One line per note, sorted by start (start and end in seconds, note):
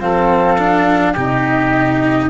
0.00 1.15 F3
0.00 0.58 C4
0.00 1.13 A4
0.00 1.16 F5
0.58 1.16 D4
1.13 2.30 C3
1.13 2.30 D#4
1.13 2.29 G4
1.13 2.30 D#5